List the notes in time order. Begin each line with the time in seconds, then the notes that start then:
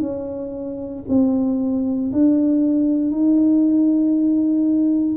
0.00 C#4
1.09 C4
2.12 D4
3.11 D#4